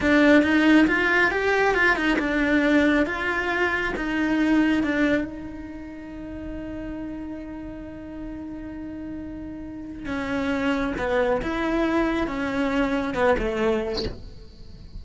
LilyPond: \new Staff \with { instrumentName = "cello" } { \time 4/4 \tempo 4 = 137 d'4 dis'4 f'4 g'4 | f'8 dis'8 d'2 f'4~ | f'4 dis'2 d'4 | dis'1~ |
dis'1~ | dis'2. cis'4~ | cis'4 b4 e'2 | cis'2 b8 a4. | }